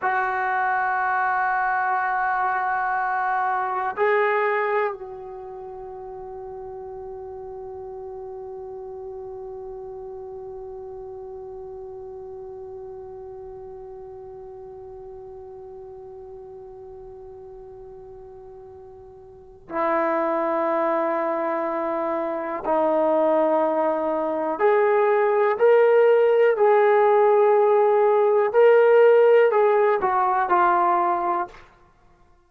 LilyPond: \new Staff \with { instrumentName = "trombone" } { \time 4/4 \tempo 4 = 61 fis'1 | gis'4 fis'2.~ | fis'1~ | fis'1~ |
fis'1 | e'2. dis'4~ | dis'4 gis'4 ais'4 gis'4~ | gis'4 ais'4 gis'8 fis'8 f'4 | }